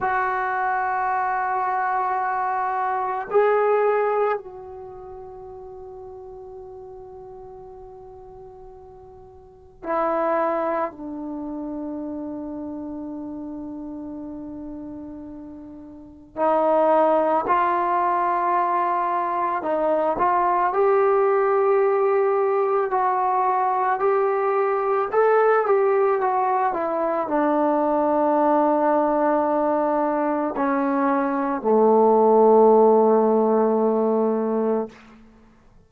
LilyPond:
\new Staff \with { instrumentName = "trombone" } { \time 4/4 \tempo 4 = 55 fis'2. gis'4 | fis'1~ | fis'4 e'4 d'2~ | d'2. dis'4 |
f'2 dis'8 f'8 g'4~ | g'4 fis'4 g'4 a'8 g'8 | fis'8 e'8 d'2. | cis'4 a2. | }